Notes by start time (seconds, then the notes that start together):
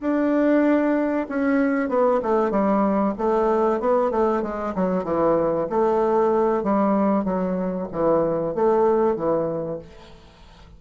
0.00 D4
1.28 C#4
1.89 B3
2.22 A3
2.50 G3
3.18 A3
3.80 B3
4.11 A3
4.42 G#3
4.75 F#3
5.04 E3
5.69 A3
6.63 G3
7.24 F#3
7.91 E3
8.54 A3
9.15 E3